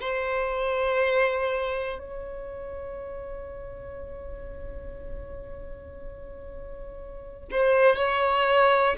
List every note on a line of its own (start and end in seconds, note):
0.00 1.98 C5
1.98 7.48 C#5
7.51 7.96 C5
7.96 8.96 C#5